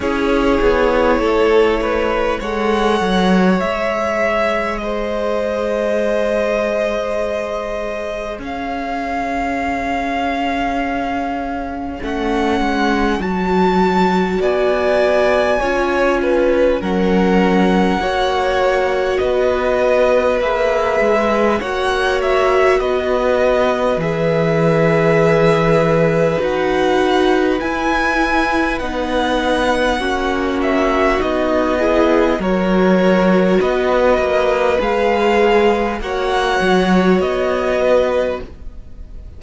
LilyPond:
<<
  \new Staff \with { instrumentName = "violin" } { \time 4/4 \tempo 4 = 50 cis''2 fis''4 e''4 | dis''2. f''4~ | f''2 fis''4 a''4 | gis''2 fis''2 |
dis''4 e''4 fis''8 e''8 dis''4 | e''2 fis''4 gis''4 | fis''4. e''8 dis''4 cis''4 | dis''4 f''4 fis''4 dis''4 | }
  \new Staff \with { instrumentName = "violin" } { \time 4/4 gis'4 a'8 b'8 cis''2 | c''2. cis''4~ | cis''1 | d''4 cis''8 b'8 ais'4 cis''4 |
b'2 cis''4 b'4~ | b'1~ | b'4 fis'4. gis'8 ais'4 | b'2 cis''4. b'8 | }
  \new Staff \with { instrumentName = "viola" } { \time 4/4 e'2 a'4 gis'4~ | gis'1~ | gis'2 cis'4 fis'4~ | fis'4 f'4 cis'4 fis'4~ |
fis'4 gis'4 fis'2 | gis'2 fis'4 e'4 | dis'4 cis'4 dis'8 e'8 fis'4~ | fis'4 gis'4 fis'2 | }
  \new Staff \with { instrumentName = "cello" } { \time 4/4 cis'8 b8 a4 gis8 fis8 gis4~ | gis2. cis'4~ | cis'2 a8 gis8 fis4 | b4 cis'4 fis4 ais4 |
b4 ais8 gis8 ais4 b4 | e2 dis'4 e'4 | b4 ais4 b4 fis4 | b8 ais8 gis4 ais8 fis8 b4 | }
>>